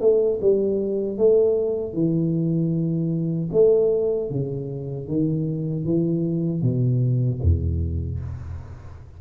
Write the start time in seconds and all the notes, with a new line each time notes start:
0.00 A3
0.41 G3
1.17 A3
1.93 E3
3.52 A3
4.30 C#3
5.08 D#3
5.85 E3
6.62 B2
7.42 E2